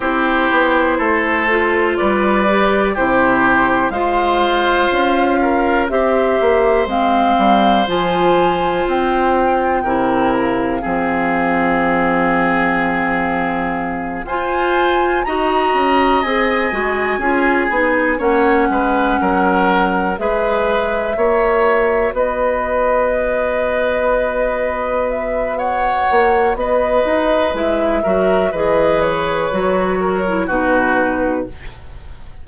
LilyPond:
<<
  \new Staff \with { instrumentName = "flute" } { \time 4/4 \tempo 4 = 61 c''2 d''4 c''4 | f''2 e''4 f''4 | gis''4 g''4. f''4.~ | f''2~ f''8 gis''4 ais''8~ |
ais''8 gis''2 fis''4.~ | fis''8 e''2 dis''4.~ | dis''4. e''8 fis''4 dis''4 | e''4 dis''8 cis''4. b'4 | }
  \new Staff \with { instrumentName = "oboe" } { \time 4/4 g'4 a'4 b'4 g'4 | c''4. ais'8 c''2~ | c''2 ais'4 gis'4~ | gis'2~ gis'8 c''4 dis''8~ |
dis''4. gis'4 cis''8 b'8 ais'8~ | ais'8 b'4 cis''4 b'4.~ | b'2 cis''4 b'4~ | b'8 ais'8 b'4. ais'8 fis'4 | }
  \new Staff \with { instrumentName = "clarinet" } { \time 4/4 e'4. f'4 g'8 e'4 | f'2 g'4 c'4 | f'2 e'4 c'4~ | c'2~ c'8 f'4 fis'8~ |
fis'8 gis'8 fis'8 f'8 dis'8 cis'4.~ | cis'8 gis'4 fis'2~ fis'8~ | fis'1 | e'8 fis'8 gis'4 fis'8. e'16 dis'4 | }
  \new Staff \with { instrumentName = "bassoon" } { \time 4/4 c'8 b8 a4 g4 c4 | gis4 cis'4 c'8 ais8 gis8 g8 | f4 c'4 c4 f4~ | f2~ f8 f'4 dis'8 |
cis'8 c'8 gis8 cis'8 b8 ais8 gis8 fis8~ | fis8 gis4 ais4 b4.~ | b2~ b8 ais8 b8 dis'8 | gis8 fis8 e4 fis4 b,4 | }
>>